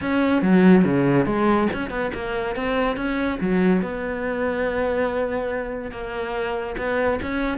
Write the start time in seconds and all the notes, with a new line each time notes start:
0.01 C#4
0.41 F#3
0.84 C#3
1.25 G#3
1.73 C#4
1.90 B3
2.14 A#3
2.55 C4
2.96 C#4
3.40 F#3
3.82 B3
5.91 A#3
6.77 B3
7.21 C#4